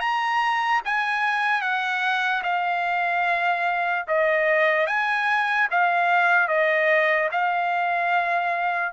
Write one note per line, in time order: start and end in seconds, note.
0.00 0.81 A#5
0.85 1.61 G#5
1.61 2.43 F#5
2.43 4.05 F5
4.08 4.87 D#5
4.87 5.68 G#5
5.71 6.48 F5
6.48 7.29 D#5
7.32 8.93 F5